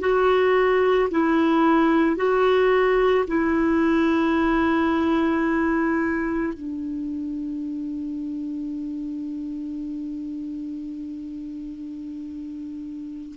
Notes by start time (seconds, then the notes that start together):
0.00 F#4
1.11 E4
2.17 F#4
3.28 E4
6.54 D4